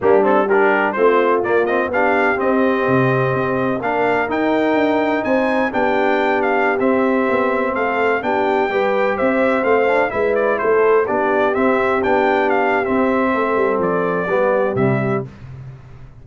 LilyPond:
<<
  \new Staff \with { instrumentName = "trumpet" } { \time 4/4 \tempo 4 = 126 g'8 a'8 ais'4 c''4 d''8 dis''8 | f''4 dis''2. | f''4 g''2 gis''4 | g''4. f''8. e''4.~ e''16~ |
e''16 f''4 g''2 e''8.~ | e''16 f''4 e''8 d''8 c''4 d''8.~ | d''16 e''4 g''4 f''8. e''4~ | e''4 d''2 e''4 | }
  \new Staff \with { instrumentName = "horn" } { \time 4/4 d'4 g'4 f'2 | g'1 | ais'2. c''4 | g'1~ |
g'16 a'4 g'4 b'4 c''8.~ | c''4~ c''16 b'4 a'4 g'8.~ | g'1 | a'2 g'2 | }
  \new Staff \with { instrumentName = "trombone" } { \time 4/4 ais8 c'8 d'4 c'4 ais8 c'8 | d'4 c'2. | d'4 dis'2. | d'2~ d'16 c'4.~ c'16~ |
c'4~ c'16 d'4 g'4.~ g'16~ | g'16 c'8 d'8 e'2 d'8.~ | d'16 c'4 d'4.~ d'16 c'4~ | c'2 b4 g4 | }
  \new Staff \with { instrumentName = "tuba" } { \time 4/4 g2 a4 ais4 | b4 c'4 c4 c'4 | ais4 dis'4 d'4 c'4 | b2~ b16 c'4 b8.~ |
b16 a4 b4 g4 c'8.~ | c'16 a4 gis4 a4 b8.~ | b16 c'4 b4.~ b16 c'4 | a8 g8 f4 g4 c4 | }
>>